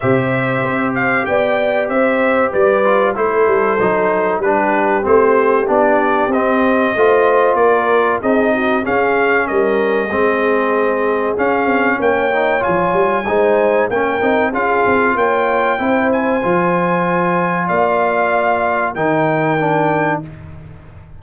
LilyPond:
<<
  \new Staff \with { instrumentName = "trumpet" } { \time 4/4 \tempo 4 = 95 e''4. f''8 g''4 e''4 | d''4 c''2 b'4 | c''4 d''4 dis''2 | d''4 dis''4 f''4 dis''4~ |
dis''2 f''4 g''4 | gis''2 g''4 f''4 | g''4. gis''2~ gis''8 | f''2 g''2 | }
  \new Staff \with { instrumentName = "horn" } { \time 4/4 c''2 d''4 c''4 | b'4 a'2 g'4~ | g'2. c''4 | ais'4 gis'8 fis'8 gis'4 ais'4 |
gis'2. cis''4~ | cis''4 c''4 ais'4 gis'4 | cis''4 c''2. | d''2 ais'2 | }
  \new Staff \with { instrumentName = "trombone" } { \time 4/4 g'1~ | g'8 f'8 e'4 dis'4 d'4 | c'4 d'4 c'4 f'4~ | f'4 dis'4 cis'2 |
c'2 cis'4. dis'8 | f'4 dis'4 cis'8 dis'8 f'4~ | f'4 e'4 f'2~ | f'2 dis'4 d'4 | }
  \new Staff \with { instrumentName = "tuba" } { \time 4/4 c4 c'4 b4 c'4 | g4 a8 g8 fis4 g4 | a4 b4 c'4 a4 | ais4 c'4 cis'4 g4 |
gis2 cis'8 c'8 ais4 | f8 g8 gis4 ais8 c'8 cis'8 c'8 | ais4 c'4 f2 | ais2 dis2 | }
>>